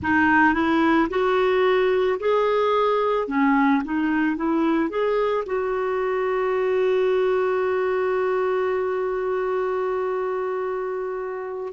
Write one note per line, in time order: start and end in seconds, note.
0.02 0.54 D#4
0.54 1.08 E4
1.09 2.18 F#4
2.19 3.27 G#4
3.27 3.82 C#4
3.84 4.36 D#4
4.36 4.89 E4
4.89 5.43 G#4
5.45 11.73 F#4